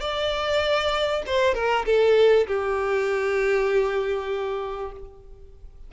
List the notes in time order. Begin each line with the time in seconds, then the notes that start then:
0.00 D5
1.26 C5
1.54 A#4
1.85 A4
2.47 G4